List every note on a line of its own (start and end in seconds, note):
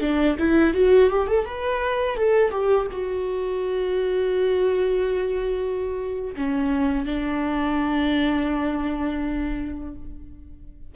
0.00 0.36 D4
0.38 0.74 E4
0.74 1.10 F#4
1.10 1.27 G4
1.27 1.45 A4
1.45 2.16 B4
2.16 2.50 A4
2.50 2.87 G4
2.91 6.35 F#4
6.35 7.05 C#4
7.05 9.94 D4